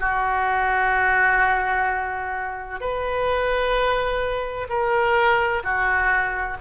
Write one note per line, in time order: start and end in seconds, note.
0.00 2.80 F#4
2.80 4.67 B4
4.69 5.62 A#4
5.63 6.57 F#4